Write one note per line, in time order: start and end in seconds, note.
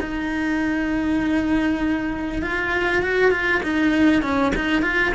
0.00 2.42 D#4
2.42 3.02 F4
3.02 3.31 F#4
3.31 3.61 F4
3.63 4.22 D#4
4.22 4.52 C#4
4.55 4.82 D#4
4.82 5.12 F4